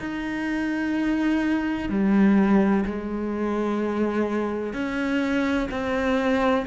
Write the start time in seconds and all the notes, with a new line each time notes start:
0.00 D#4
1.90 G3
2.86 G#3
4.74 C#4
5.71 C4